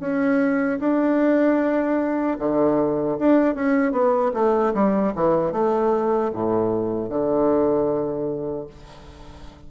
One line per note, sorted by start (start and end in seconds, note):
0.00 0.79 C#4
0.79 2.37 D4
2.39 3.18 D3
3.18 3.55 D4
3.55 3.92 C#4
3.92 4.31 B3
4.33 4.73 A3
4.74 5.13 G3
5.15 5.52 E3
5.52 6.31 A3
6.33 7.09 A2
7.09 8.67 D3